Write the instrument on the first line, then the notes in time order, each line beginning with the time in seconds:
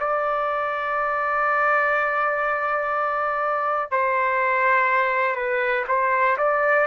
trumpet
0.00 D5
3.91 C5
5.36 B4
5.88 C5
6.38 D5